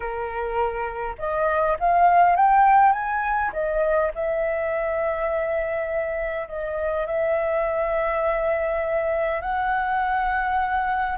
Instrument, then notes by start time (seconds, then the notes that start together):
flute
0.00 A#4
1.18 D#5
1.79 F5
2.35 G5
2.92 G#5
3.52 D#5
4.14 E5
6.48 D#5
7.06 E5
9.41 F#5